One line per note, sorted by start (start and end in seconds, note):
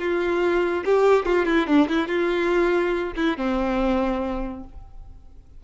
0.00 0.85 F4
0.85 1.26 G4
1.26 1.46 F4
1.46 1.67 E4
1.67 1.88 D4
1.89 2.08 E4
2.08 3.14 F4
3.17 3.38 E4
3.38 4.65 C4